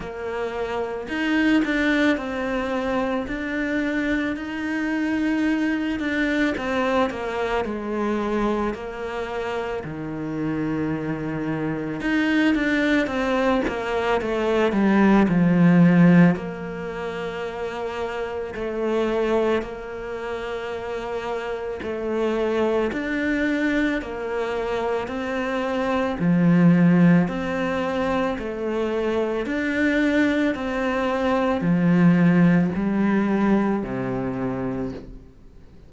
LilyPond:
\new Staff \with { instrumentName = "cello" } { \time 4/4 \tempo 4 = 55 ais4 dis'8 d'8 c'4 d'4 | dis'4. d'8 c'8 ais8 gis4 | ais4 dis2 dis'8 d'8 | c'8 ais8 a8 g8 f4 ais4~ |
ais4 a4 ais2 | a4 d'4 ais4 c'4 | f4 c'4 a4 d'4 | c'4 f4 g4 c4 | }